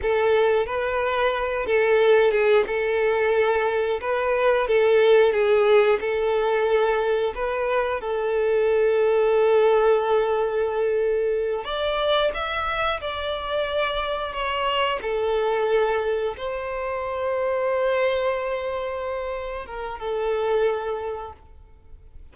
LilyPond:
\new Staff \with { instrumentName = "violin" } { \time 4/4 \tempo 4 = 90 a'4 b'4. a'4 gis'8 | a'2 b'4 a'4 | gis'4 a'2 b'4 | a'1~ |
a'4. d''4 e''4 d''8~ | d''4. cis''4 a'4.~ | a'8 c''2.~ c''8~ | c''4. ais'8 a'2 | }